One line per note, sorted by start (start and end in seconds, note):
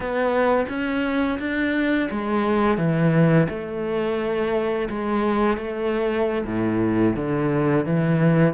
0.00 0.66 B3
0.68 1.38 C#4
1.39 2.09 D4
2.10 2.77 G#3
2.77 3.47 E3
3.49 4.88 A3
4.89 5.57 G#3
5.57 6.44 A3
6.45 7.15 A2
7.15 7.85 D3
7.85 8.53 E3